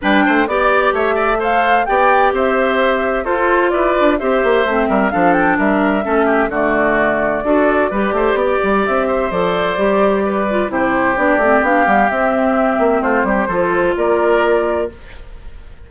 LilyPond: <<
  \new Staff \with { instrumentName = "flute" } { \time 4/4 \tempo 4 = 129 g''4 d''4 e''4 f''4 | g''4 e''2 c''4 | d''4 e''2 f''8 g''8 | e''2 d''2~ |
d''2. e''4 | d''2. c''4 | d''4 f''4 e''2 | c''2 d''2 | }
  \new Staff \with { instrumentName = "oboe" } { \time 4/4 b'8 c''8 d''4 cis''8 d''8 c''4 | d''4 c''2 a'4 | b'4 c''4. ais'8 a'4 | ais'4 a'8 g'8 fis'2 |
a'4 b'8 c''8 d''4. c''8~ | c''2 b'4 g'4~ | g'1 | f'8 g'8 a'4 ais'2 | }
  \new Staff \with { instrumentName = "clarinet" } { \time 4/4 d'4 g'2 a'4 | g'2. f'4~ | f'4 g'4 c'4 d'4~ | d'4 cis'4 a2 |
fis'4 g'2. | a'4 g'4. f'8 e'4 | d'8 c'8 d'8 b8 c'2~ | c'4 f'2. | }
  \new Staff \with { instrumentName = "bassoon" } { \time 4/4 g8 a8 b4 a2 | b4 c'2 f'4 | e'8 d'8 c'8 ais8 a8 g8 f4 | g4 a4 d2 |
d'4 g8 a8 b8 g8 c'4 | f4 g2 c4 | b8 a8 b8 g8 c'4. ais8 | a8 g8 f4 ais2 | }
>>